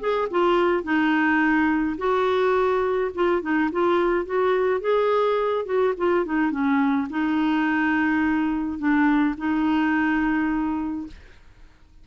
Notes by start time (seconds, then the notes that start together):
0.00 G#4
0.31 F4
0.83 D#4
1.98 F#4
3.15 F4
3.42 D#4
3.72 F4
4.26 F#4
4.81 G#4
5.66 F#4
5.98 F4
6.25 D#4
6.51 C#4
7.10 D#4
8.78 D4
9.37 D#4